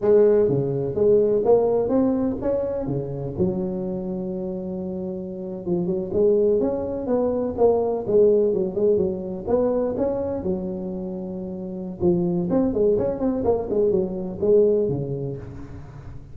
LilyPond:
\new Staff \with { instrumentName = "tuba" } { \time 4/4 \tempo 4 = 125 gis4 cis4 gis4 ais4 | c'4 cis'4 cis4 fis4~ | fis2.~ fis8. f16~ | f16 fis8 gis4 cis'4 b4 ais16~ |
ais8. gis4 fis8 gis8 fis4 b16~ | b8. cis'4 fis2~ fis16~ | fis4 f4 c'8 gis8 cis'8 c'8 | ais8 gis8 fis4 gis4 cis4 | }